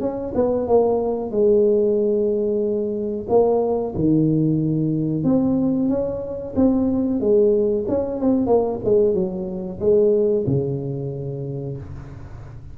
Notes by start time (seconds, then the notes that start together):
0.00 C#4
0.34 B3
0.67 A#3
1.31 G#3
3.29 A#3
3.95 D#3
5.24 C4
5.89 C#4
6.55 C4
7.20 G#3
7.88 C#4
8.20 C4
8.46 A#3
8.84 G#3
9.14 F#3
9.79 G#3
10.46 C#3